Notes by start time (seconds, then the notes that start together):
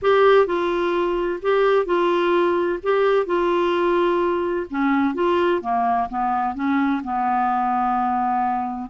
0.01 G4
0.46 F4
1.41 G4
1.85 F4
2.83 G4
3.26 F4
4.70 C#4
5.14 F4
5.61 A#3
6.09 B3
6.55 C#4
7.03 B3